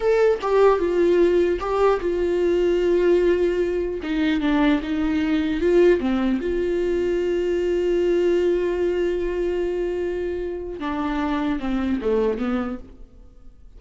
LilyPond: \new Staff \with { instrumentName = "viola" } { \time 4/4 \tempo 4 = 150 a'4 g'4 f'2 | g'4 f'2.~ | f'2 dis'4 d'4 | dis'2 f'4 c'4 |
f'1~ | f'1~ | f'2. d'4~ | d'4 c'4 a4 b4 | }